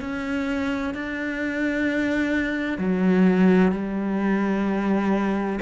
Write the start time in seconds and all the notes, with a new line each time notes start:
0.00 C#4
0.94 D4
2.78 F#3
3.71 G3